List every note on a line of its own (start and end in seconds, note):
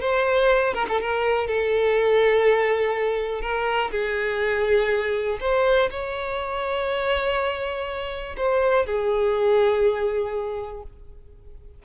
0.00 0.73 C5
0.73 0.86 A#4
0.88 1.00 A4
1.00 1.47 A#4
1.47 3.41 A4
3.41 3.90 A#4
3.91 5.38 G#4
5.40 5.89 C5
5.90 8.36 C#5
8.37 8.86 C5
8.86 10.82 G#4